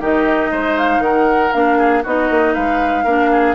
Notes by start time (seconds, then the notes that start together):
0.00 D#3 D#4 G4 D#5
0.51 G#3 C5
0.78 F5
0.99 D#3 A#4 F#5
1.52 A#3 D4 F5
1.78 G#4
2.03 B3 D#4 F#4 D#5
2.30 A#3
2.54 G#3 B4 F5
3.04 A#3 D4 A#4
3.32 G#4